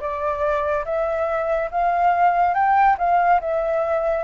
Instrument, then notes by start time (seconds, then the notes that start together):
flute
0.00 D5
0.85 E5
1.71 F5
2.54 G5
2.98 F5
3.40 E5